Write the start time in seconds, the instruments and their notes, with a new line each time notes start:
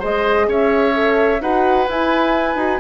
0.00 bassoon G#3, horn G#4, oboe C5, flute D#5
0.47 bassoon C#4, oboe C#5, flute E5
0.94 horn A4
1.41 bassoon D#4, horn F#4, oboe B4, flute F#5
1.88 horn E4, bassoon E4, flute G#5
2.56 bassoon D#4, horn F#4